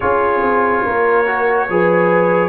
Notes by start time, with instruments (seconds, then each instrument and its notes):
0.00 tuba C#4, trombone F4, horn G#4, trumpet C#5
0.41 tuba C4
0.85 tuba A#3, horn A#4
1.26 trombone F#4
1.69 tuba F3, trombone G#4, horn B4